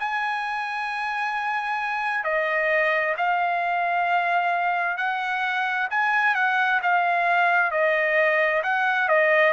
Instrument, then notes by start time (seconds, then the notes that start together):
trumpet
0.00 G#5
2.24 D#5
3.18 F5
4.98 F#5
5.91 G#5
6.35 F#5
6.83 F5
7.71 D#5
8.64 F#5
9.09 D#5